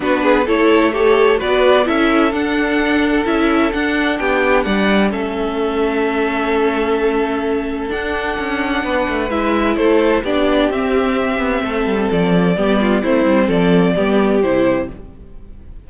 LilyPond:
<<
  \new Staff \with { instrumentName = "violin" } { \time 4/4 \tempo 4 = 129 b'4 cis''4 a'4 d''4 | e''4 fis''2 e''4 | fis''4 g''4 fis''4 e''4~ | e''1~ |
e''4 fis''2. | e''4 c''4 d''4 e''4~ | e''2 d''2 | c''4 d''2 c''4 | }
  \new Staff \with { instrumentName = "violin" } { \time 4/4 fis'8 gis'8 a'4 cis''4 b'4 | a'1~ | a'4 g'4 d''4 a'4~ | a'1~ |
a'2. b'4~ | b'4 a'4 g'2~ | g'4 a'2 g'8 f'8 | e'4 a'4 g'2 | }
  \new Staff \with { instrumentName = "viola" } { \time 4/4 d'4 e'4 g'4 fis'4 | e'4 d'2 e'4 | d'2. cis'4~ | cis'1~ |
cis'4 d'2. | e'2 d'4 c'4~ | c'2. b4 | c'2 b4 e'4 | }
  \new Staff \with { instrumentName = "cello" } { \time 4/4 b4 a2 b4 | cis'4 d'2 cis'4 | d'4 b4 g4 a4~ | a1~ |
a4 d'4 cis'4 b8 a8 | gis4 a4 b4 c'4~ | c'8 b8 a8 g8 f4 g4 | a8 g8 f4 g4 c4 | }
>>